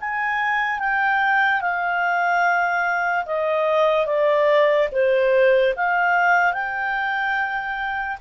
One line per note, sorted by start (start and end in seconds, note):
0.00 0.79 G#5
0.79 1.61 G5
1.61 3.25 F5
3.25 4.06 D#5
4.06 4.88 D5
4.92 5.74 C5
5.76 6.53 F5
6.53 8.17 G5